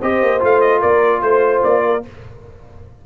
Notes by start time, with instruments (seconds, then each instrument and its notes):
0.00 tuba C4, trombone G4, horn C5, trumpet D#5
0.22 tuba A#3
0.40 tuba A3, trombone F4, trumpet F5
0.61 trumpet D#5
0.80 tuba A#3, horn A#4, trumpet D5
1.22 tuba A3, trumpet C5, horn C5
1.64 tuba A#3, trumpet D5
1.86 horn A#4